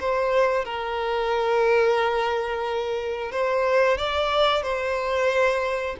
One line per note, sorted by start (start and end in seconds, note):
0.00 0.65 C5
0.65 3.31 A#4
3.32 3.97 C5
3.97 4.63 D5
4.63 5.96 C5